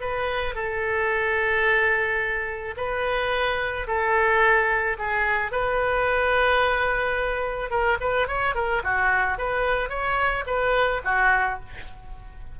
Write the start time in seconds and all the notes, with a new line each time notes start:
0.00 B4
0.54 A4
2.76 B4
3.87 A4
4.98 G#4
5.51 B4
7.70 A#4
8.00 B4
8.27 C#5
8.54 A#4
8.83 F#4
9.38 B4
9.89 C#5
10.46 B4
11.04 F#4